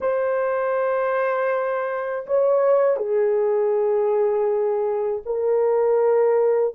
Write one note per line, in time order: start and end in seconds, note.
0.00 2.25 C5
2.26 2.97 C#5
2.97 5.22 G#4
5.25 6.74 A#4